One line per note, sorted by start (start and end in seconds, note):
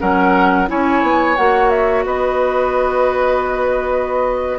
0.00 0.70 F#3
0.00 0.68 C#4
0.00 0.69 A#4
0.00 0.68 F#5
0.68 1.03 C#4
0.68 1.36 E4
0.68 2.06 C#5
0.68 1.37 G#5
1.03 1.37 B3
1.37 2.06 A#3
1.37 4.59 F#4
1.37 1.70 F#5
1.70 2.04 E5
2.06 4.59 B3
2.06 4.59 B4
2.06 4.59 D#5